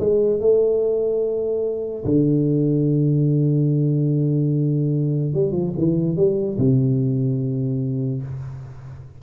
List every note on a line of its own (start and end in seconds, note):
0.00 0.41 G#3
0.41 2.05 A3
2.05 5.34 D3
5.34 5.52 G3
5.52 5.73 F3
5.78 6.17 E3
6.17 6.58 G3
6.58 8.23 C3